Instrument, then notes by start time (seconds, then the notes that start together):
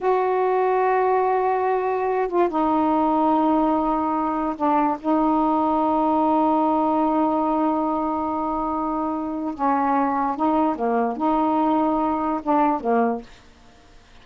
saxophone
0.00 F#4
2.28 F4
2.48 D#4
4.56 D4
4.99 D#4
9.54 C#4
10.36 D#4
10.75 A#3
11.16 D#4
12.42 D4
12.80 A#3